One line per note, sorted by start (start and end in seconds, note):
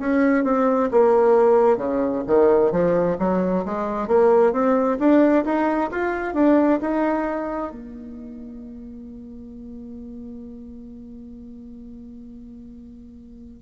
0.00 0.45 C#4
0.45 0.90 C4
0.92 1.78 A#3
1.78 2.23 C#3
2.27 2.72 D#3
2.72 3.17 F3
3.19 3.65 F#3
3.66 4.08 G#3
4.08 4.53 A#3
4.53 4.98 C4
5.00 5.45 D4
5.45 5.91 D#4
5.91 6.34 F4
6.34 6.80 D4
6.81 7.72 D#4
7.72 13.63 A#3